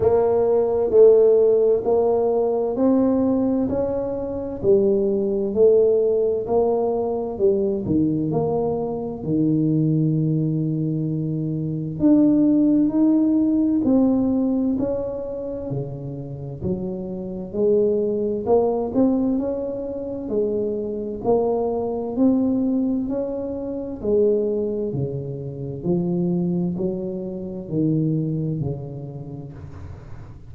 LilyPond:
\new Staff \with { instrumentName = "tuba" } { \time 4/4 \tempo 4 = 65 ais4 a4 ais4 c'4 | cis'4 g4 a4 ais4 | g8 dis8 ais4 dis2~ | dis4 d'4 dis'4 c'4 |
cis'4 cis4 fis4 gis4 | ais8 c'8 cis'4 gis4 ais4 | c'4 cis'4 gis4 cis4 | f4 fis4 dis4 cis4 | }